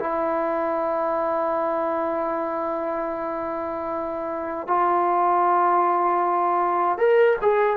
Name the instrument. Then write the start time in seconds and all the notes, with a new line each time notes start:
trombone
0.00 E4
4.68 F4
6.98 A#4
7.42 G#4